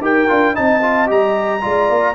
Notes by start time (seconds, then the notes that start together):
0.00 D#4 G4 A#4 G5
0.28 D4 F4
0.54 C4 D#4 D#5 A5
0.82 F4
1.07 G3 G4 A#5
1.61 G#3 F4 D5
1.89 A#3